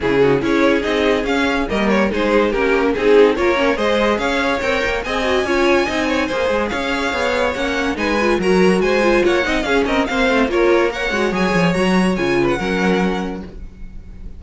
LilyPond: <<
  \new Staff \with { instrumentName = "violin" } { \time 4/4 \tempo 4 = 143 gis'4 cis''4 dis''4 f''4 | dis''8 cis''8 c''4 ais'4 gis'4 | cis''4 dis''4 f''4 g''4 | gis''1 |
f''2 fis''4 gis''4 | ais''4 gis''4 fis''4 f''8 dis''8 | f''4 cis''4 fis''4 gis''4 | ais''4 gis''8. fis''2~ fis''16 | }
  \new Staff \with { instrumentName = "violin" } { \time 4/4 e'8 fis'8 gis'2. | ais'4 gis'4 g'4 gis'4 | ais'4 c''4 cis''2 | dis''4 cis''4 dis''8 cis''8 c''4 |
cis''2. b'4 | ais'4 c''4 cis''8 dis''8 gis'8 ais'8 | c''4 ais'4 cis''2~ | cis''4. b'8 ais'2 | }
  \new Staff \with { instrumentName = "viola" } { \time 4/4 cis'8 dis'8 e'4 dis'4 cis'4 | ais4 dis'4 cis'4 dis'4 | f'8 cis'8 gis'2 ais'4 | gis'8 fis'8 f'4 dis'4 gis'4~ |
gis'2 cis'4 dis'8 f'8 | fis'4. f'4 dis'8 cis'4 | c'4 f'4 ais'8 fis'8 gis'4 | fis'4 f'4 cis'2 | }
  \new Staff \with { instrumentName = "cello" } { \time 4/4 cis4 cis'4 c'4 cis'4 | g4 gis4 ais4 c'4 | ais4 gis4 cis'4 c'8 ais8 | c'4 cis'4 c'4 ais8 gis8 |
cis'4 b4 ais4 gis4 | fis4 gis4 ais8 c'8 cis'8 c'8 | ais8 a8 ais4. gis8 fis8 f8 | fis4 cis4 fis2 | }
>>